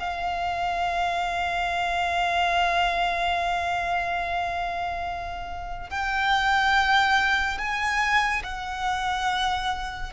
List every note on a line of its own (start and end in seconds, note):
0.00 5.90 F5
5.90 7.58 G5
7.58 8.43 G#5
8.44 10.13 F#5